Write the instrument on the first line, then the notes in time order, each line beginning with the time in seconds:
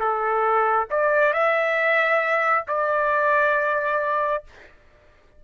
trumpet
0.00 A4
0.91 D5
1.34 E5
2.68 D5